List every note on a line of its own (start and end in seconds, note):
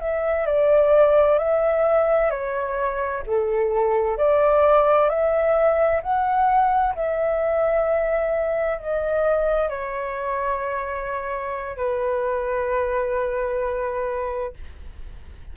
0.00 0.46 E5
0.46 1.38 D5
1.38 2.31 E5
2.31 3.23 C#5
3.26 4.17 A4
4.17 5.09 D5
5.09 6.01 E5
6.03 6.95 F#5
6.95 8.79 E5
8.79 9.69 D#5
9.69 11.77 C#5
11.77 14.54 B4